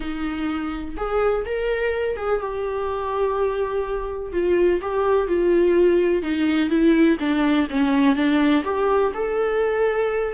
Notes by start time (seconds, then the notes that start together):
0.00 D#4
0.96 G#4
1.45 A#4
2.16 G#4
2.40 G4
4.32 F4
4.81 G4
5.27 F4
6.22 D#4
6.69 E4
7.19 D4
7.69 C#4
8.15 D4
8.64 G4
9.13 A4